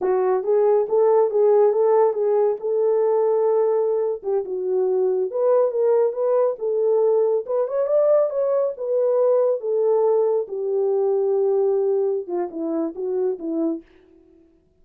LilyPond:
\new Staff \with { instrumentName = "horn" } { \time 4/4 \tempo 4 = 139 fis'4 gis'4 a'4 gis'4 | a'4 gis'4 a'2~ | a'4.~ a'16 g'8 fis'4.~ fis'16~ | fis'16 b'4 ais'4 b'4 a'8.~ |
a'4~ a'16 b'8 cis''8 d''4 cis''8.~ | cis''16 b'2 a'4.~ a'16~ | a'16 g'2.~ g'8.~ | g'8 f'8 e'4 fis'4 e'4 | }